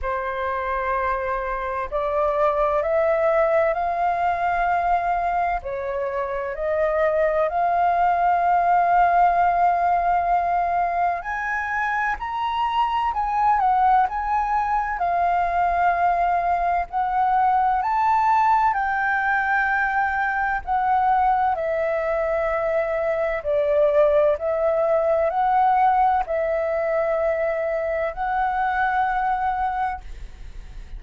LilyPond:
\new Staff \with { instrumentName = "flute" } { \time 4/4 \tempo 4 = 64 c''2 d''4 e''4 | f''2 cis''4 dis''4 | f''1 | gis''4 ais''4 gis''8 fis''8 gis''4 |
f''2 fis''4 a''4 | g''2 fis''4 e''4~ | e''4 d''4 e''4 fis''4 | e''2 fis''2 | }